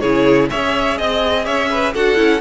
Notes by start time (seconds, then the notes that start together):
0.00 C#3 E4 G#4 C#5
0.50 C#4 G#4 C#5 E5
0.98 C4 D#5
1.45 C#4 C#5 E5
1.71 B4
1.94 D4 F#4 A4 F#5
2.16 C#4 E4